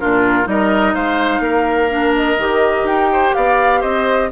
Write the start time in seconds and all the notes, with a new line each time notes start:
0.00 A#2 D4 F4 A#4
0.45 G3 D#4 A#4 D#5
0.95 G#3 C5 F5
1.40 A#3 A#4
1.90 D4
2.16 D#5
2.39 D#3 G4
2.84 D#4 G5
3.12 C5
3.35 B3 D5 F5
3.81 C4 C5 D#5